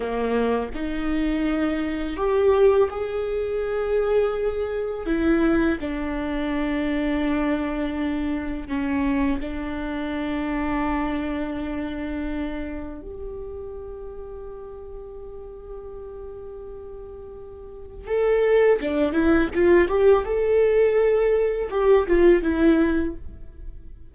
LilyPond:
\new Staff \with { instrumentName = "viola" } { \time 4/4 \tempo 4 = 83 ais4 dis'2 g'4 | gis'2. e'4 | d'1 | cis'4 d'2.~ |
d'2 g'2~ | g'1~ | g'4 a'4 d'8 e'8 f'8 g'8 | a'2 g'8 f'8 e'4 | }